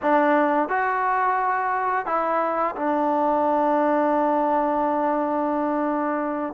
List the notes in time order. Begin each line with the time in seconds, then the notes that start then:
0.02 D4
0.68 F#4
2.06 E4
2.75 D4